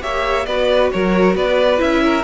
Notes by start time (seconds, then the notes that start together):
0.00 A#3 G4 C#5 E5
0.45 B3 F#4 B4 D5
0.91 F#3 A#4 C#5
1.35 B3 B4 D5
1.77 C#4 E4 E5
2.04 A#4